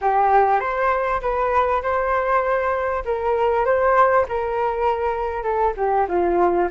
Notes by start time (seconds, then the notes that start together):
0.01 G4
0.60 C5
1.21 B4
1.82 C5
3.05 A#4
3.65 C5
4.28 A#4
5.43 A4
5.76 G4
6.08 F4